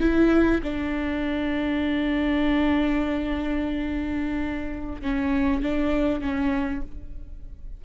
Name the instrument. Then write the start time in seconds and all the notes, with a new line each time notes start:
viola
0.00 E4
0.63 D4
5.01 C#4
5.62 D4
6.21 C#4